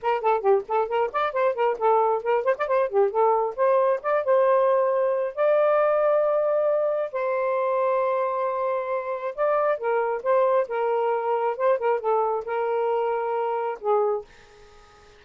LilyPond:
\new Staff \with { instrumentName = "saxophone" } { \time 4/4 \tempo 4 = 135 ais'8 a'8 g'8 a'8 ais'8 d''8 c''8 ais'8 | a'4 ais'8 c''16 d''16 c''8 g'8 a'4 | c''4 d''8 c''2~ c''8 | d''1 |
c''1~ | c''4 d''4 ais'4 c''4 | ais'2 c''8 ais'8 a'4 | ais'2. gis'4 | }